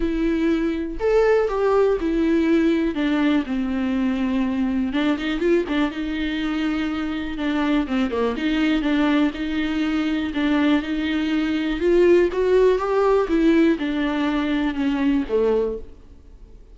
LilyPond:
\new Staff \with { instrumentName = "viola" } { \time 4/4 \tempo 4 = 122 e'2 a'4 g'4 | e'2 d'4 c'4~ | c'2 d'8 dis'8 f'8 d'8 | dis'2. d'4 |
c'8 ais8 dis'4 d'4 dis'4~ | dis'4 d'4 dis'2 | f'4 fis'4 g'4 e'4 | d'2 cis'4 a4 | }